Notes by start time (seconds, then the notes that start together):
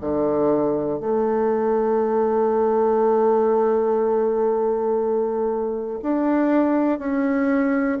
0.00 D3
1.00 A3
6.02 D4
6.98 C#4